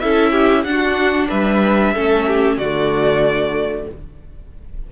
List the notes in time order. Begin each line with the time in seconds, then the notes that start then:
0.00 C#4 E4 A4 E5
0.32 G4
0.64 D4 F#5
0.71 F#4
1.29 G3 B4 E5
1.94 A3 C#4 A4
2.27 G4
2.58 D3 A3 F#4 D5